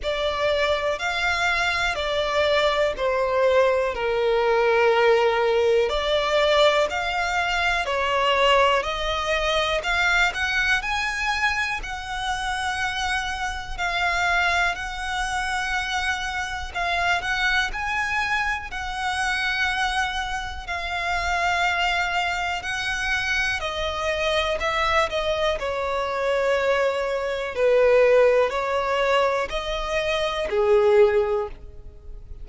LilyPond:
\new Staff \with { instrumentName = "violin" } { \time 4/4 \tempo 4 = 61 d''4 f''4 d''4 c''4 | ais'2 d''4 f''4 | cis''4 dis''4 f''8 fis''8 gis''4 | fis''2 f''4 fis''4~ |
fis''4 f''8 fis''8 gis''4 fis''4~ | fis''4 f''2 fis''4 | dis''4 e''8 dis''8 cis''2 | b'4 cis''4 dis''4 gis'4 | }